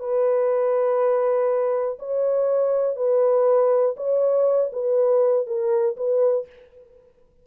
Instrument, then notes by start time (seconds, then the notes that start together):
horn
0.00 B4
1.99 C#5
2.96 B4
3.97 C#5
4.73 B4
5.47 A#4
5.97 B4